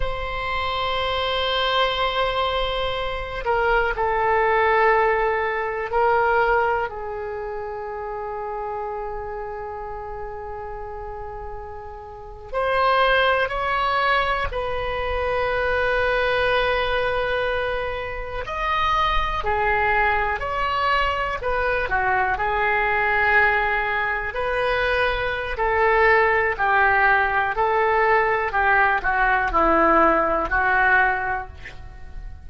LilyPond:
\new Staff \with { instrumentName = "oboe" } { \time 4/4 \tempo 4 = 61 c''2.~ c''8 ais'8 | a'2 ais'4 gis'4~ | gis'1~ | gis'8. c''4 cis''4 b'4~ b'16~ |
b'2~ b'8. dis''4 gis'16~ | gis'8. cis''4 b'8 fis'8 gis'4~ gis'16~ | gis'8. b'4~ b'16 a'4 g'4 | a'4 g'8 fis'8 e'4 fis'4 | }